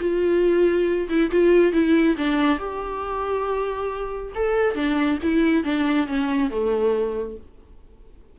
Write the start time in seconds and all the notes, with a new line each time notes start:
0.00 F4
1.09 E4
1.32 F4
1.73 E4
2.18 D4
2.59 G4
4.36 A4
4.75 D4
5.23 E4
5.64 D4
6.08 C#4
6.51 A3